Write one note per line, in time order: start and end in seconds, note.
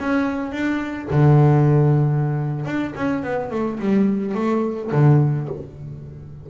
0.00 0.52 C#4
0.52 1.08 D4
1.11 2.66 D3
2.66 2.94 D4
2.95 3.23 C#4
3.23 3.51 B3
3.51 3.79 A3
3.80 4.35 G3
4.35 4.91 A3
4.92 5.49 D3